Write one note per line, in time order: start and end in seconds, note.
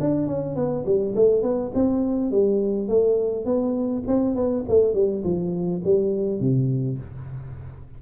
0.00 0.27 D4
0.27 0.55 C#4
0.55 0.84 B3
0.85 1.14 G3
1.15 1.42 A3
1.42 1.71 B3
1.74 2.31 C4
2.31 2.88 G3
2.88 3.45 A3
3.45 4.03 B3
4.07 4.35 C4
4.35 4.64 B3
4.68 4.94 A3
4.94 5.23 G3
5.23 5.82 F3
5.84 6.40 G3
6.40 6.98 C3